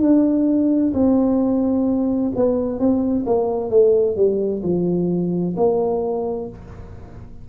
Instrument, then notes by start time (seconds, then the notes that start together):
tuba
0.00 D4
0.93 C4
2.35 B3
2.79 C4
3.26 A#3
3.70 A3
4.15 G3
4.62 F3
5.56 A#3